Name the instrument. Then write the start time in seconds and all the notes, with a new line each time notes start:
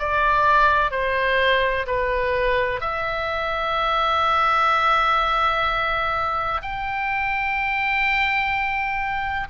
oboe
0.00 D5
0.91 C5
1.87 B4
2.81 E5
6.62 G5